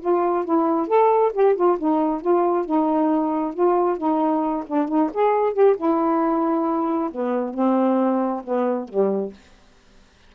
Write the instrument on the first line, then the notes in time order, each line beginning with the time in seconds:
saxophone
0.00 F4
0.44 E4
0.87 A4
1.33 G4
1.55 F4
1.78 D#4
2.21 F4
2.65 D#4
3.54 F4
3.97 D#4
4.66 D4
4.88 D#4
5.13 G#4
5.53 G4
5.77 E4
7.11 B3
7.54 C4
8.44 B3
8.88 G3